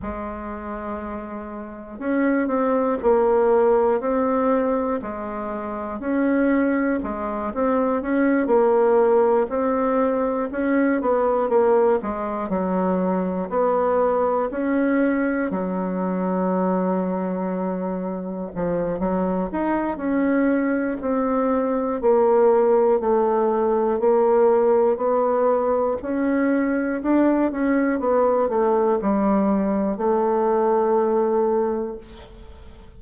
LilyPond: \new Staff \with { instrumentName = "bassoon" } { \time 4/4 \tempo 4 = 60 gis2 cis'8 c'8 ais4 | c'4 gis4 cis'4 gis8 c'8 | cis'8 ais4 c'4 cis'8 b8 ais8 | gis8 fis4 b4 cis'4 fis8~ |
fis2~ fis8 f8 fis8 dis'8 | cis'4 c'4 ais4 a4 | ais4 b4 cis'4 d'8 cis'8 | b8 a8 g4 a2 | }